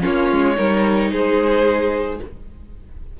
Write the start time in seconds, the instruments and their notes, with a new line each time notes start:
0.00 cello A#3, viola C#4, violin F4 C#5
0.30 cello G#3
0.55 cello G3, viola D#4, violin A#4
1.11 cello G#3, violin G#4 C5